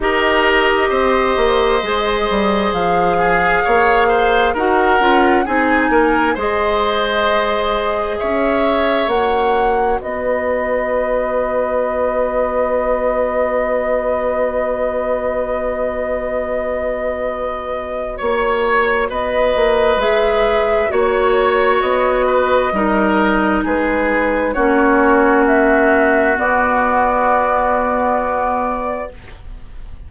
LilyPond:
<<
  \new Staff \with { instrumentName = "flute" } { \time 4/4 \tempo 4 = 66 dis''2. f''4~ | f''4 fis''4 gis''4 dis''4~ | dis''4 e''4 fis''4 dis''4~ | dis''1~ |
dis''1 | cis''4 dis''4 e''4 cis''4 | dis''2 b'4 cis''4 | e''4 d''2. | }
  \new Staff \with { instrumentName = "oboe" } { \time 4/4 ais'4 c''2~ c''8 gis'8 | cis''8 c''8 ais'4 gis'8 ais'8 c''4~ | c''4 cis''2 b'4~ | b'1~ |
b'1 | cis''4 b'2 cis''4~ | cis''8 b'8 ais'4 gis'4 fis'4~ | fis'1 | }
  \new Staff \with { instrumentName = "clarinet" } { \time 4/4 g'2 gis'2~ | gis'4 fis'8 f'8 dis'4 gis'4~ | gis'2 fis'2~ | fis'1~ |
fis'1~ | fis'2 gis'4 fis'4~ | fis'4 dis'2 cis'4~ | cis'4 b2. | }
  \new Staff \with { instrumentName = "bassoon" } { \time 4/4 dis'4 c'8 ais8 gis8 g8 f4 | ais4 dis'8 cis'8 c'8 ais8 gis4~ | gis4 cis'4 ais4 b4~ | b1~ |
b1 | ais4 b8 ais8 gis4 ais4 | b4 g4 gis4 ais4~ | ais4 b2. | }
>>